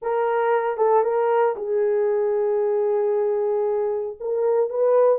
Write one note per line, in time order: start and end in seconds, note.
0.01 0.77 A#4
0.77 1.03 A4
1.03 1.55 A#4
1.56 4.16 G#4
4.20 4.69 A#4
4.69 5.19 B4